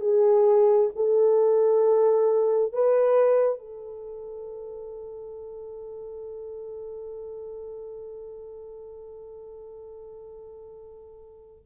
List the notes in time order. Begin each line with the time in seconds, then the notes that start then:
0.00 G#4
0.96 A4
2.73 B4
3.59 A4